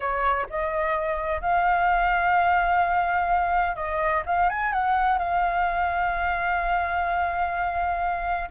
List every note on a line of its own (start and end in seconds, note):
0.00 0.46 C#5
0.49 1.41 D#5
1.41 3.75 F5
3.75 4.23 D#5
4.26 4.49 F5
4.49 4.72 G#5
4.72 5.18 F#5
5.18 8.49 F5